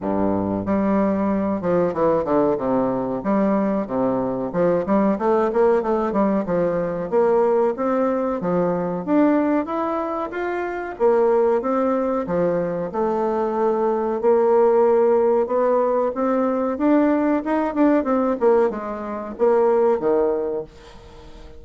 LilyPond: \new Staff \with { instrumentName = "bassoon" } { \time 4/4 \tempo 4 = 93 g,4 g4. f8 e8 d8 | c4 g4 c4 f8 g8 | a8 ais8 a8 g8 f4 ais4 | c'4 f4 d'4 e'4 |
f'4 ais4 c'4 f4 | a2 ais2 | b4 c'4 d'4 dis'8 d'8 | c'8 ais8 gis4 ais4 dis4 | }